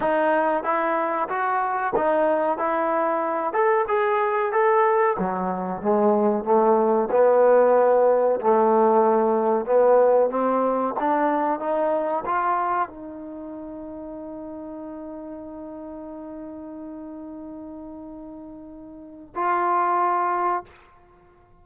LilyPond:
\new Staff \with { instrumentName = "trombone" } { \time 4/4 \tempo 4 = 93 dis'4 e'4 fis'4 dis'4 | e'4. a'8 gis'4 a'4 | fis4 gis4 a4 b4~ | b4 a2 b4 |
c'4 d'4 dis'4 f'4 | dis'1~ | dis'1~ | dis'2 f'2 | }